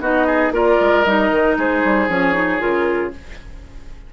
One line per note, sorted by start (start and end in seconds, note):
0.00 0.51 B3
0.00 0.53 D#4
0.00 0.27 F#4
0.00 0.53 D#5
0.27 0.52 G#4
0.51 0.77 A#3
0.51 1.05 F4
0.51 1.57 A#4
0.51 1.04 D5
0.80 1.05 G#3
1.04 1.31 G3
1.04 2.10 D#4
1.04 1.56 D#5
1.31 1.57 D#3
1.57 1.83 G#3
1.57 3.13 G#4
1.57 2.09 C5
1.84 2.08 G3
2.08 2.60 F3
2.08 2.33 C#4
2.08 2.61 C#5
2.33 2.59 D#4
2.59 3.13 C#3
2.59 3.11 F4
2.59 3.12 A#4